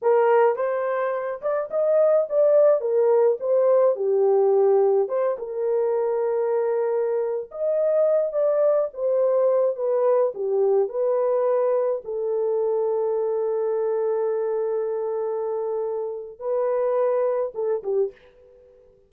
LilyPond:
\new Staff \with { instrumentName = "horn" } { \time 4/4 \tempo 4 = 106 ais'4 c''4. d''8 dis''4 | d''4 ais'4 c''4 g'4~ | g'4 c''8 ais'2~ ais'8~ | ais'4~ ais'16 dis''4. d''4 c''16~ |
c''4~ c''16 b'4 g'4 b'8.~ | b'4~ b'16 a'2~ a'8.~ | a'1~ | a'4 b'2 a'8 g'8 | }